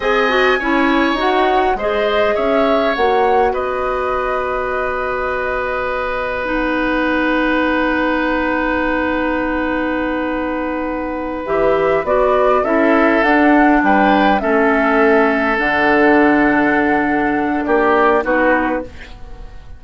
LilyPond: <<
  \new Staff \with { instrumentName = "flute" } { \time 4/4 \tempo 4 = 102 gis''2 fis''4 dis''4 | e''4 fis''4 dis''2~ | dis''2. fis''4~ | fis''1~ |
fis''2.~ fis''8 e''8~ | e''8 d''4 e''4 fis''4 g''8~ | g''8 e''2 fis''4.~ | fis''2 d''4 b'4 | }
  \new Staff \with { instrumentName = "oboe" } { \time 4/4 dis''4 cis''2 c''4 | cis''2 b'2~ | b'1~ | b'1~ |
b'1~ | b'4. a'2 b'8~ | b'8 a'2.~ a'8~ | a'2 g'4 fis'4 | }
  \new Staff \with { instrumentName = "clarinet" } { \time 4/4 gis'8 fis'8 e'4 fis'4 gis'4~ | gis'4 fis'2.~ | fis'2. dis'4~ | dis'1~ |
dis'2.~ dis'8 g'8~ | g'8 fis'4 e'4 d'4.~ | d'8 cis'2 d'4.~ | d'2. dis'4 | }
  \new Staff \with { instrumentName = "bassoon" } { \time 4/4 c'4 cis'4 dis'4 gis4 | cis'4 ais4 b2~ | b1~ | b1~ |
b2.~ b8 e8~ | e8 b4 cis'4 d'4 g8~ | g8 a2 d4.~ | d2 ais4 b4 | }
>>